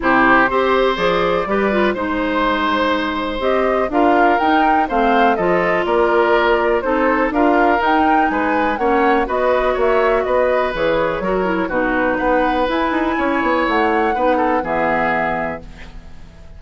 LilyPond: <<
  \new Staff \with { instrumentName = "flute" } { \time 4/4 \tempo 4 = 123 c''2 d''2 | c''2. dis''4 | f''4 g''4 f''4 dis''4 | d''2 c''4 f''4 |
g''4 gis''4 fis''4 dis''4 | e''4 dis''4 cis''2 | b'4 fis''4 gis''2 | fis''2 e''2 | }
  \new Staff \with { instrumentName = "oboe" } { \time 4/4 g'4 c''2 b'4 | c''1 | ais'2 c''4 a'4 | ais'2 a'4 ais'4~ |
ais'4 b'4 cis''4 b'4 | cis''4 b'2 ais'4 | fis'4 b'2 cis''4~ | cis''4 b'8 a'8 gis'2 | }
  \new Staff \with { instrumentName = "clarinet" } { \time 4/4 e'4 g'4 gis'4 g'8 f'8 | dis'2. g'4 | f'4 dis'4 c'4 f'4~ | f'2 dis'4 f'4 |
dis'2 cis'4 fis'4~ | fis'2 gis'4 fis'8 e'8 | dis'2 e'2~ | e'4 dis'4 b2 | }
  \new Staff \with { instrumentName = "bassoon" } { \time 4/4 c4 c'4 f4 g4 | gis2. c'4 | d'4 dis'4 a4 f4 | ais2 c'4 d'4 |
dis'4 gis4 ais4 b4 | ais4 b4 e4 fis4 | b,4 b4 e'8 dis'8 cis'8 b8 | a4 b4 e2 | }
>>